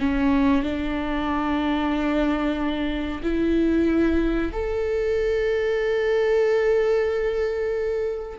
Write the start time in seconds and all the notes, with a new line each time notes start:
0.00 C#4
0.63 D4
3.23 E4
4.52 A4